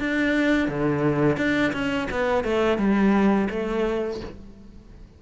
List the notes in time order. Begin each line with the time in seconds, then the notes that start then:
0.00 D4
0.69 D3
1.37 D4
1.73 C#4
2.11 B3
2.44 A3
2.78 G3
3.50 A3